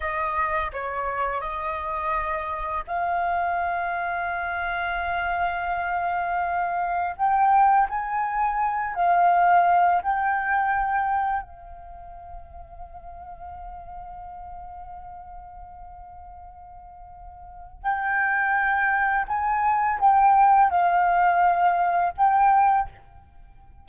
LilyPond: \new Staff \with { instrumentName = "flute" } { \time 4/4 \tempo 4 = 84 dis''4 cis''4 dis''2 | f''1~ | f''2 g''4 gis''4~ | gis''8 f''4. g''2 |
f''1~ | f''1~ | f''4 g''2 gis''4 | g''4 f''2 g''4 | }